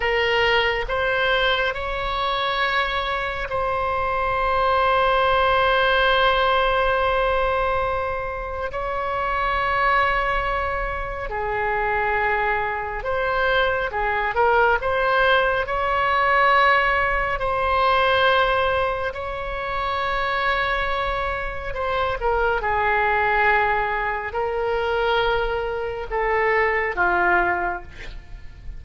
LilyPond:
\new Staff \with { instrumentName = "oboe" } { \time 4/4 \tempo 4 = 69 ais'4 c''4 cis''2 | c''1~ | c''2 cis''2~ | cis''4 gis'2 c''4 |
gis'8 ais'8 c''4 cis''2 | c''2 cis''2~ | cis''4 c''8 ais'8 gis'2 | ais'2 a'4 f'4 | }